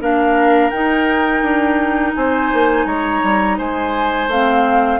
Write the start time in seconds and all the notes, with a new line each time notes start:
0.00 A#3 D4 A#4 F5
0.70 D#4 G5
1.42 D4
2.15 C4 C5 G#5
2.53 A#3
2.85 G#3 C#5 A#5
3.23 G3
3.57 G#3 C5 G#5
4.27 A3 C4 F5